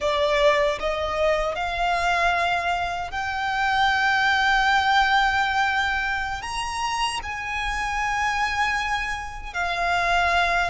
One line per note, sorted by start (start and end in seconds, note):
0.00 0.78 D5
0.79 1.55 D#5
1.55 3.11 F5
3.11 6.42 G5
6.42 7.20 A#5
7.22 9.53 G#5
9.53 10.70 F5